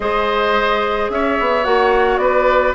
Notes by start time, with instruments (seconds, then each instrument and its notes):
0.00 bassoon G#3, clarinet G#4, oboe C5, flute D#5
1.09 bassoon C#4, oboe C#5, flute E5
1.39 bassoon B3
1.63 bassoon A#3, clarinet F#4, flute F#5
2.17 bassoon B3, oboe B4, flute D5